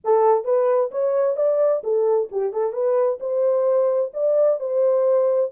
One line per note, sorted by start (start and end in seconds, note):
0.04 0.44 A4
0.44 0.90 B4
0.91 1.36 C#5
1.36 1.82 D5
1.83 2.29 A4
2.31 2.52 G4
2.52 2.73 A4
2.73 3.18 B4
3.19 4.11 C5
4.13 4.59 D5
4.59 5.51 C5